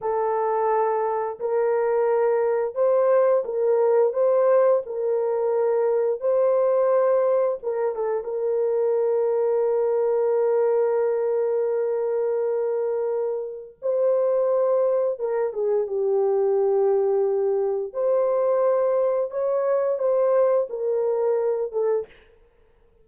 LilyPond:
\new Staff \with { instrumentName = "horn" } { \time 4/4 \tempo 4 = 87 a'2 ais'2 | c''4 ais'4 c''4 ais'4~ | ais'4 c''2 ais'8 a'8 | ais'1~ |
ais'1 | c''2 ais'8 gis'8 g'4~ | g'2 c''2 | cis''4 c''4 ais'4. a'8 | }